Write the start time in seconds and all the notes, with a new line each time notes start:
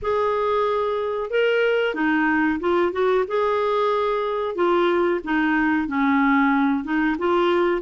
0.02 G#4
1.30 A#4
1.94 D#4
2.60 F4
2.92 F#4
3.27 G#4
4.55 F4
5.24 D#4
5.87 C#4
6.84 D#4
7.18 F4